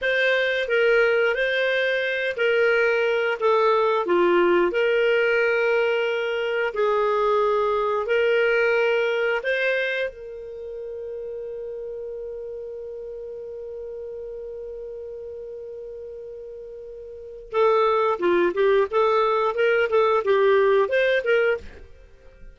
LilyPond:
\new Staff \with { instrumentName = "clarinet" } { \time 4/4 \tempo 4 = 89 c''4 ais'4 c''4. ais'8~ | ais'4 a'4 f'4 ais'4~ | ais'2 gis'2 | ais'2 c''4 ais'4~ |
ais'1~ | ais'1~ | ais'2 a'4 f'8 g'8 | a'4 ais'8 a'8 g'4 c''8 ais'8 | }